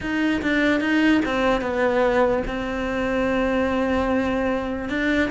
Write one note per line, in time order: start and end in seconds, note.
0.00 0.41 D#4
0.42 0.80 D4
0.80 1.21 D#4
1.25 1.61 C4
1.61 2.42 B3
2.47 4.89 C4
4.89 5.29 D4